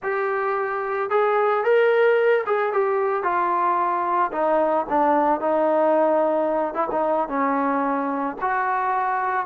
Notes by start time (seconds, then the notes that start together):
0.03 G4
1.10 G#4
1.63 A#4
2.46 G#4
2.72 G4
3.23 F4
4.32 D#4
4.89 D4
5.40 D#4
6.73 E4
6.91 D#4
7.28 C#4
8.41 F#4